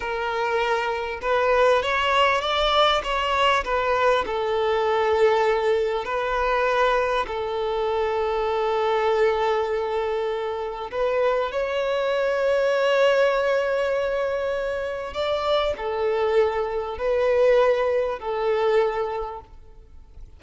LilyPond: \new Staff \with { instrumentName = "violin" } { \time 4/4 \tempo 4 = 99 ais'2 b'4 cis''4 | d''4 cis''4 b'4 a'4~ | a'2 b'2 | a'1~ |
a'2 b'4 cis''4~ | cis''1~ | cis''4 d''4 a'2 | b'2 a'2 | }